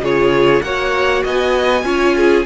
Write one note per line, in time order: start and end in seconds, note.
0.00 0.61 C#3
0.00 0.64 F4
0.00 0.64 G#4
0.00 0.63 C#5
0.63 1.24 A#3
0.63 1.85 F#4
0.63 1.24 C#5
0.63 1.23 F#5
1.24 1.84 B3
1.24 1.85 D#5
1.24 2.47 G#5
1.84 2.45 C#4
1.84 2.45 F4
1.84 2.17 C#5
2.17 2.47 G#4